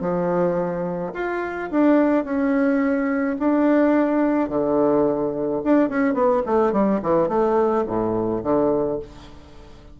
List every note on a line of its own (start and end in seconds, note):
0.00 1.12 F3
1.13 1.69 F4
1.70 2.24 D4
2.24 3.36 C#4
3.39 4.49 D4
4.49 5.61 D3
5.64 5.89 D4
5.89 6.14 C#4
6.14 6.42 B3
6.46 6.72 A3
6.72 7.00 G3
7.02 7.28 E3
7.28 7.84 A3
7.86 8.42 A2
8.43 8.99 D3